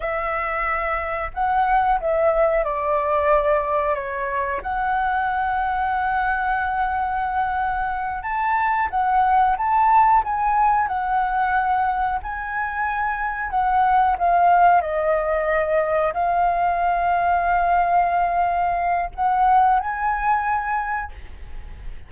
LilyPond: \new Staff \with { instrumentName = "flute" } { \time 4/4 \tempo 4 = 91 e''2 fis''4 e''4 | d''2 cis''4 fis''4~ | fis''1~ | fis''8 a''4 fis''4 a''4 gis''8~ |
gis''8 fis''2 gis''4.~ | gis''8 fis''4 f''4 dis''4.~ | dis''8 f''2.~ f''8~ | f''4 fis''4 gis''2 | }